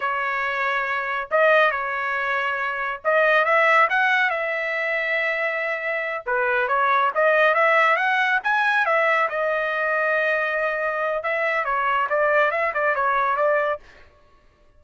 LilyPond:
\new Staff \with { instrumentName = "trumpet" } { \time 4/4 \tempo 4 = 139 cis''2. dis''4 | cis''2. dis''4 | e''4 fis''4 e''2~ | e''2~ e''8 b'4 cis''8~ |
cis''8 dis''4 e''4 fis''4 gis''8~ | gis''8 e''4 dis''2~ dis''8~ | dis''2 e''4 cis''4 | d''4 e''8 d''8 cis''4 d''4 | }